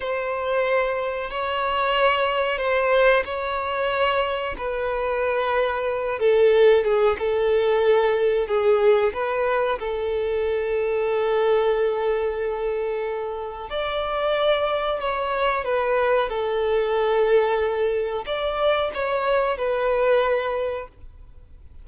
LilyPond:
\new Staff \with { instrumentName = "violin" } { \time 4/4 \tempo 4 = 92 c''2 cis''2 | c''4 cis''2 b'4~ | b'4. a'4 gis'8 a'4~ | a'4 gis'4 b'4 a'4~ |
a'1~ | a'4 d''2 cis''4 | b'4 a'2. | d''4 cis''4 b'2 | }